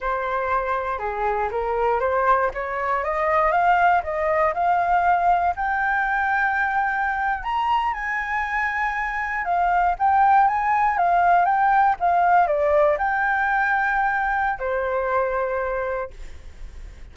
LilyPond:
\new Staff \with { instrumentName = "flute" } { \time 4/4 \tempo 4 = 119 c''2 gis'4 ais'4 | c''4 cis''4 dis''4 f''4 | dis''4 f''2 g''4~ | g''2~ g''8. ais''4 gis''16~ |
gis''2~ gis''8. f''4 g''16~ | g''8. gis''4 f''4 g''4 f''16~ | f''8. d''4 g''2~ g''16~ | g''4 c''2. | }